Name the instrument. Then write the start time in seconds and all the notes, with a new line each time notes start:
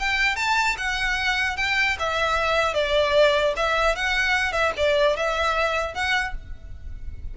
violin
0.00 G5
0.36 A5
0.78 F#5
1.57 G5
2.00 E5
2.75 D5
3.57 E5
3.96 F#5
4.53 E5
4.77 D5
5.17 E5
5.95 F#5